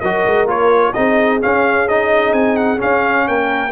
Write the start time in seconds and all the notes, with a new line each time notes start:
0.00 F#3 F#4 A#4 D#5
0.26 G#3
0.45 A#3 F4 C#5
0.93 C4 D#4 G#4 D#5
1.41 C#4 F5
1.88 D#4 D#5
2.32 C4 G#5
2.56 F#5
2.77 C#4 F5
3.27 A#3 A#4 G5